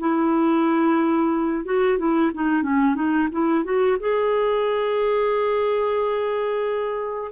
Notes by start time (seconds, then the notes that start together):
0.00 E4
1.65 F#4
1.98 E4
2.34 D#4
2.63 C#4
2.95 D#4
3.32 E4
3.65 F#4
4.00 G#4